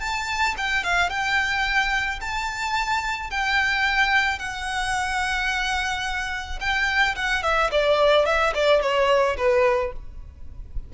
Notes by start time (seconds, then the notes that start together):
0.00 A5
0.58 G5
0.84 F5
1.10 G5
2.21 A5
3.31 G5
4.39 F#5
6.60 G5
7.16 F#5
7.43 E5
7.72 D5
8.26 E5
8.54 D5
8.82 C#5
9.38 B4